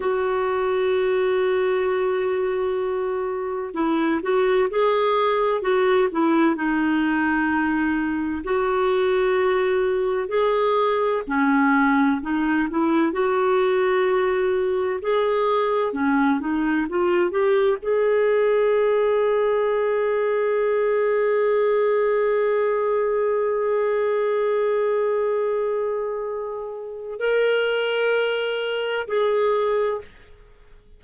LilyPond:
\new Staff \with { instrumentName = "clarinet" } { \time 4/4 \tempo 4 = 64 fis'1 | e'8 fis'8 gis'4 fis'8 e'8 dis'4~ | dis'4 fis'2 gis'4 | cis'4 dis'8 e'8 fis'2 |
gis'4 cis'8 dis'8 f'8 g'8 gis'4~ | gis'1~ | gis'1~ | gis'4 ais'2 gis'4 | }